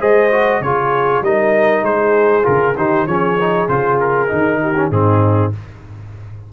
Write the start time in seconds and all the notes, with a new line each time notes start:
0.00 G#3 G#4 C5 D#5
0.31 F#4
0.61 C#3 F4 G#4 C#5
1.22 G3 D#4 A#4 D#5
1.83 G#3 G#4 C5
2.43 C#3 F4 A#4
2.76 D#3 D#4 G4 C5
3.06 F3 C#4 G#4 C#5
3.40 D#4
3.69 C#3 F4 C5
4.00 A#4
4.29 D#3 D#4
4.61 G4
4.77 C#4
4.91 G#2 C4 D#4 G#4